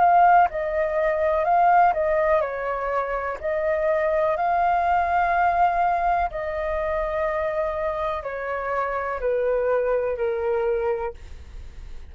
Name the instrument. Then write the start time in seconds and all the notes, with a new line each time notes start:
flute
0.00 F5
0.51 D#5
1.45 F5
1.94 D#5
2.41 C#5
3.41 D#5
4.37 F5
6.31 D#5
8.23 C#5
9.21 B4
10.17 A#4